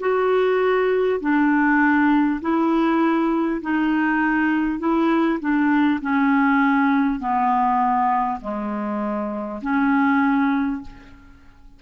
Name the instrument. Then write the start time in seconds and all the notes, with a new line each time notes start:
clarinet
0.00 F#4
1.20 D4
2.41 E4
3.61 D#4
4.79 E4
5.40 D4
6.01 C#4
7.19 B3
8.40 G#3
9.61 C#4